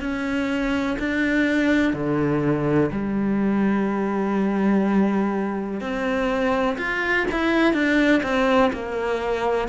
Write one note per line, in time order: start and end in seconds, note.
0.00 0.97 C#4
0.99 1.93 D4
1.93 2.90 D3
2.91 5.80 G3
5.80 6.77 C4
6.77 7.26 F4
7.31 7.73 E4
7.73 8.22 D4
8.23 8.71 C4
8.73 9.68 A#3